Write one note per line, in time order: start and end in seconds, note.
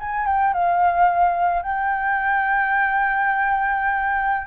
0.00 0.27 G#5
0.27 0.54 G5
0.54 1.62 F5
1.62 4.47 G5